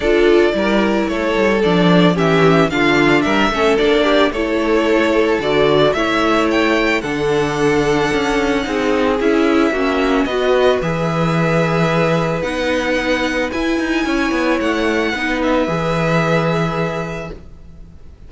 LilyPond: <<
  \new Staff \with { instrumentName = "violin" } { \time 4/4 \tempo 4 = 111 d''2 cis''4 d''4 | e''4 f''4 e''4 d''4 | cis''2 d''4 e''4 | g''4 fis''2.~ |
fis''4 e''2 dis''4 | e''2. fis''4~ | fis''4 gis''2 fis''4~ | fis''8 e''2.~ e''8 | }
  \new Staff \with { instrumentName = "violin" } { \time 4/4 a'4 ais'4 a'2 | g'4 f'4 ais'8 a'4 g'8 | a'2. cis''4~ | cis''4 a'2. |
gis'2 fis'4 b'4~ | b'1~ | b'2 cis''2 | b'1 | }
  \new Staff \with { instrumentName = "viola" } { \time 4/4 f'4 e'2 d'4 | cis'4 d'4. cis'8 d'4 | e'2 fis'4 e'4~ | e'4 d'2. |
dis'4 e'4 cis'4 fis'4 | gis'2. dis'4~ | dis'4 e'2. | dis'4 gis'2. | }
  \new Staff \with { instrumentName = "cello" } { \time 4/4 d'4 g4 a8 g8 f4 | e4 d4 g8 a8 ais4 | a2 d4 a4~ | a4 d2 cis'4 |
c'4 cis'4 ais4 b4 | e2. b4~ | b4 e'8 dis'8 cis'8 b8 a4 | b4 e2. | }
>>